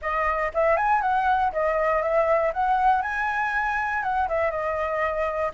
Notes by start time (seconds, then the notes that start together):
0.01 D#5
0.53 E5
0.76 G#5
1.01 F#5
1.52 D#5
2.01 E5
2.53 F#5
3.02 G#5
4.02 F#5
4.28 E5
4.50 D#5